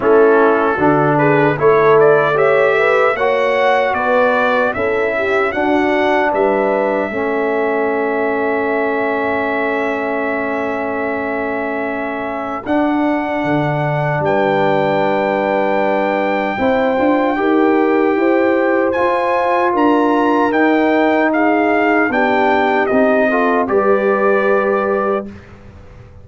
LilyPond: <<
  \new Staff \with { instrumentName = "trumpet" } { \time 4/4 \tempo 4 = 76 a'4. b'8 cis''8 d''8 e''4 | fis''4 d''4 e''4 fis''4 | e''1~ | e''1 |
fis''2 g''2~ | g''1 | gis''4 ais''4 g''4 f''4 | g''4 dis''4 d''2 | }
  \new Staff \with { instrumentName = "horn" } { \time 4/4 e'4 fis'8 gis'8 a'4 cis''8 b'8 | cis''4 b'4 a'8 g'8 fis'4 | b'4 a'2.~ | a'1~ |
a'2 b'2~ | b'4 c''4 ais'4 c''4~ | c''4 ais'2 gis'4 | g'4. a'8 b'2 | }
  \new Staff \with { instrumentName = "trombone" } { \time 4/4 cis'4 d'4 e'4 g'4 | fis'2 e'4 d'4~ | d'4 cis'2.~ | cis'1 |
d'1~ | d'4 e'8 f'8 g'2 | f'2 dis'2 | d'4 dis'8 f'8 g'2 | }
  \new Staff \with { instrumentName = "tuba" } { \time 4/4 a4 d4 a2 | ais4 b4 cis'4 d'4 | g4 a2.~ | a1 |
d'4 d4 g2~ | g4 c'8 d'8 dis'4 e'4 | f'4 d'4 dis'2 | b4 c'4 g2 | }
>>